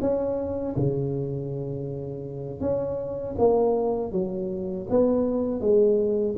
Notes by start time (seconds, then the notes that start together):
0.00 C#4
0.76 C#3
2.60 C#4
3.38 A#3
4.11 F#3
4.89 B3
5.60 G#3